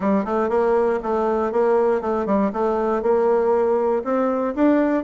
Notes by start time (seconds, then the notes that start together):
0.00 G3
0.25 A3
0.49 A#3
1.02 A3
1.51 A#3
2.01 A3
2.26 G3
2.53 A3
3.02 A#3
4.03 C4
4.55 D4